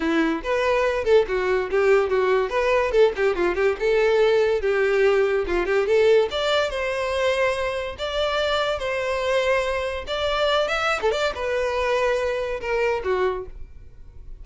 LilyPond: \new Staff \with { instrumentName = "violin" } { \time 4/4 \tempo 4 = 143 e'4 b'4. a'8 fis'4 | g'4 fis'4 b'4 a'8 g'8 | f'8 g'8 a'2 g'4~ | g'4 f'8 g'8 a'4 d''4 |
c''2. d''4~ | d''4 c''2. | d''4. e''8. a'16 d''8 b'4~ | b'2 ais'4 fis'4 | }